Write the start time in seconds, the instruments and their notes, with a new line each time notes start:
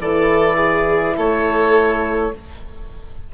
0.00 bassoon E3, horn E4, violin A4, oboe D5
0.57 violin G#4
1.17 bassoon A3, violin A4, oboe C#5